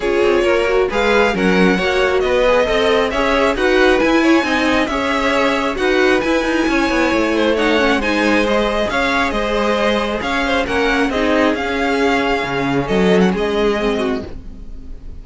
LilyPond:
<<
  \new Staff \with { instrumentName = "violin" } { \time 4/4 \tempo 4 = 135 cis''2 f''4 fis''4~ | fis''4 dis''2 e''4 | fis''4 gis''2 e''4~ | e''4 fis''4 gis''2~ |
gis''4 fis''4 gis''4 dis''4 | f''4 dis''2 f''4 | fis''4 dis''4 f''2~ | f''4 dis''8. fis''16 dis''2 | }
  \new Staff \with { instrumentName = "violin" } { \time 4/4 gis'4 ais'4 b'4 ais'4 | cis''4 b'4 dis''4 cis''4 | b'4. cis''8 dis''4 cis''4~ | cis''4 b'2 cis''4~ |
cis''8 c''8 cis''4 c''2 | cis''4 c''2 cis''8 c''8 | ais'4 gis'2.~ | gis'4 a'4 gis'4. fis'8 | }
  \new Staff \with { instrumentName = "viola" } { \time 4/4 f'4. fis'8 gis'4 cis'4 | fis'4. gis'8 a'4 gis'4 | fis'4 e'4 dis'4 gis'4~ | gis'4 fis'4 e'2~ |
e'4 dis'8 cis'8 dis'4 gis'4~ | gis'1 | cis'4 dis'4 cis'2~ | cis'2. c'4 | }
  \new Staff \with { instrumentName = "cello" } { \time 4/4 cis'8 c'8 ais4 gis4 fis4 | ais4 b4 c'4 cis'4 | dis'4 e'4 c'4 cis'4~ | cis'4 dis'4 e'8 dis'8 cis'8 b8 |
a2 gis2 | cis'4 gis2 cis'4 | ais4 c'4 cis'2 | cis4 fis4 gis2 | }
>>